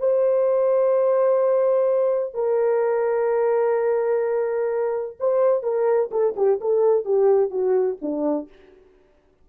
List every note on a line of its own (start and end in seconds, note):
0.00 2.34 C5
2.34 5.18 A#4
5.20 5.63 C5
5.63 6.10 A#4
6.12 6.35 A4
6.37 6.60 G4
6.61 7.05 A4
7.05 7.51 G4
7.51 7.98 F#4
8.02 8.49 D4